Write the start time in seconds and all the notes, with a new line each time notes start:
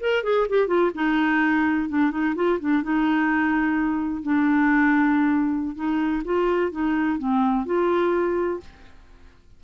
0.00 A#4
0.23 G#4
0.49 G4
0.67 F4
0.94 D#4
1.89 D4
2.11 D#4
2.35 F4
2.60 D4
2.83 D#4
4.23 D4
5.75 D#4
6.24 F4
6.71 D#4
7.19 C4
7.66 F4